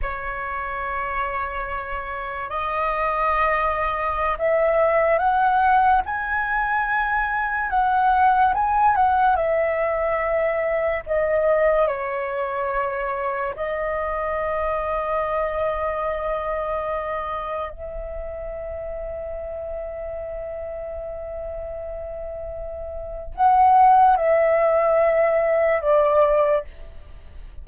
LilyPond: \new Staff \with { instrumentName = "flute" } { \time 4/4 \tempo 4 = 72 cis''2. dis''4~ | dis''4~ dis''16 e''4 fis''4 gis''8.~ | gis''4~ gis''16 fis''4 gis''8 fis''8 e''8.~ | e''4~ e''16 dis''4 cis''4.~ cis''16~ |
cis''16 dis''2.~ dis''8.~ | dis''4~ dis''16 e''2~ e''8.~ | e''1 | fis''4 e''2 d''4 | }